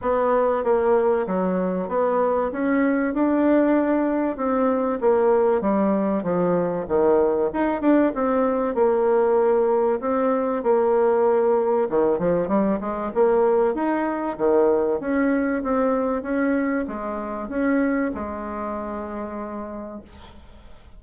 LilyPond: \new Staff \with { instrumentName = "bassoon" } { \time 4/4 \tempo 4 = 96 b4 ais4 fis4 b4 | cis'4 d'2 c'4 | ais4 g4 f4 dis4 | dis'8 d'8 c'4 ais2 |
c'4 ais2 dis8 f8 | g8 gis8 ais4 dis'4 dis4 | cis'4 c'4 cis'4 gis4 | cis'4 gis2. | }